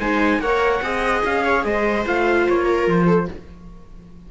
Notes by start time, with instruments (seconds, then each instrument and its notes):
0.00 cello G#3, viola D#4 C5, trumpet G#5
0.39 cello A#3, viola A#4 C#5, trumpet F#5
0.82 cello C4, viola G#4 D#5
1.25 cello C#4, trumpet F5
1.44 viola C#5
1.64 cello G#3, viola C5, trumpet D#5
2.06 cello A3, viola F4, trumpet F5
2.49 cello A#3, trumpet C#5
2.65 viola A#4
2.87 cello F3, trumpet C5
3.07 viola A4